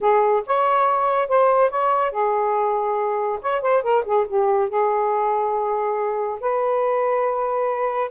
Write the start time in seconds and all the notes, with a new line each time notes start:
0.00 G#4
0.46 C#5
1.28 C5
1.70 C#5
2.11 G#4
3.41 C#5
3.61 C5
3.82 A#4
4.05 G#4
4.27 G4
4.69 G#4
6.40 B4